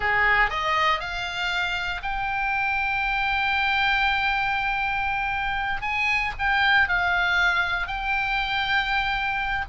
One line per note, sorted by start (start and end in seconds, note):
0.00 0.49 G#4
0.49 0.99 D#5
0.99 2.01 F5
2.02 5.81 G5
5.81 6.32 G#5
6.38 6.88 G5
6.88 7.87 F5
7.87 9.65 G5